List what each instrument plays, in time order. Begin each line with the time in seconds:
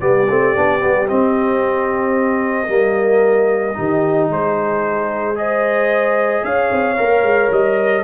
0.00 tuba G3, trombone B3, horn G4, trumpet D5
0.28 tuba A3, trombone C4
0.55 tuba B3, trombone D4
0.80 tuba G3, trombone B3
1.07 trombone C4, tuba C4, trumpet D#5
2.67 tuba G3, trombone A#3
2.73 horn A#4
3.74 tuba D#3, trombone D#4, horn G4
4.29 tuba G#3, horn G#4, trumpet C5
5.35 trombone G#4, horn C5, trumpet D#5
6.44 tuba C#4, horn C#5, trumpet F5
6.72 tuba C4
6.97 tuba A#3, trombone A#4
7.22 tuba G#3
7.50 tuba G3, trumpet D#5